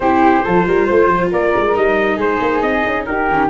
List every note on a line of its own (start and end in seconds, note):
0.00 0.42 C4
0.00 0.43 E4
0.00 0.44 G4
0.00 1.30 C5
0.43 0.67 F3
0.43 1.73 F4
0.43 0.66 A4
0.67 0.89 G3
0.67 0.85 A#4
0.85 1.07 A3
0.85 1.29 C5
1.07 1.29 F3
1.31 1.54 A#3
1.31 2.16 A#4
1.31 1.76 D5
1.55 1.76 G#3
1.73 2.17 G3
1.73 3.26 D#4
1.73 2.20 D#5
2.16 2.39 G#3
2.16 3.04 G#4
2.16 2.61 C5
2.41 2.62 A#3
2.61 2.84 C4
2.61 3.05 D#5
2.85 3.07 C#4
3.05 3.29 D#4
3.05 3.49 G4
3.05 3.49 A#4
3.29 3.49 D#3
3.29 3.49 C#4